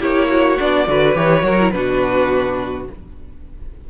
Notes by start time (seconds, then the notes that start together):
0.00 A#3 E4 G4 C#5
0.29 F#4
0.59 B3 D4 D5
0.87 D3 F#4 B4
1.15 E3 G4 C#5
1.42 F#3 F#4 A#4
1.60 E4
1.71 B2 D4 F#4 B4